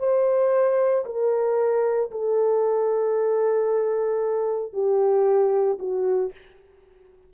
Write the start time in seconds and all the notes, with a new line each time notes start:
0.00 C5
1.06 A#4
2.11 A4
4.73 G4
5.79 F#4